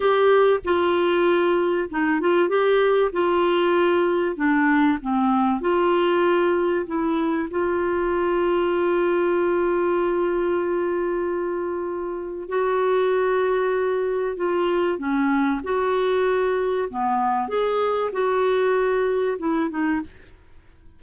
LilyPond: \new Staff \with { instrumentName = "clarinet" } { \time 4/4 \tempo 4 = 96 g'4 f'2 dis'8 f'8 | g'4 f'2 d'4 | c'4 f'2 e'4 | f'1~ |
f'1 | fis'2. f'4 | cis'4 fis'2 b4 | gis'4 fis'2 e'8 dis'8 | }